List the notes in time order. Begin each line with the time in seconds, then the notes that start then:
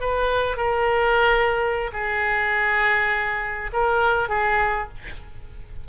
0.00 B4
0.57 A#4
1.92 G#4
3.72 A#4
4.29 G#4